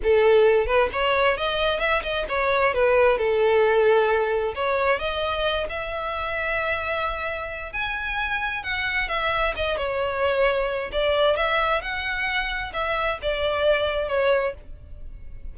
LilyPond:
\new Staff \with { instrumentName = "violin" } { \time 4/4 \tempo 4 = 132 a'4. b'8 cis''4 dis''4 | e''8 dis''8 cis''4 b'4 a'4~ | a'2 cis''4 dis''4~ | dis''8 e''2.~ e''8~ |
e''4 gis''2 fis''4 | e''4 dis''8 cis''2~ cis''8 | d''4 e''4 fis''2 | e''4 d''2 cis''4 | }